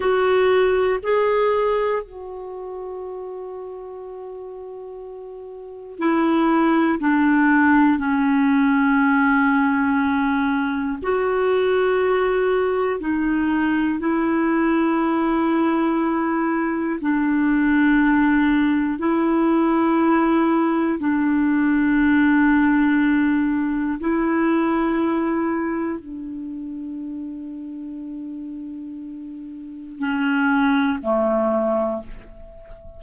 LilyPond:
\new Staff \with { instrumentName = "clarinet" } { \time 4/4 \tempo 4 = 60 fis'4 gis'4 fis'2~ | fis'2 e'4 d'4 | cis'2. fis'4~ | fis'4 dis'4 e'2~ |
e'4 d'2 e'4~ | e'4 d'2. | e'2 d'2~ | d'2 cis'4 a4 | }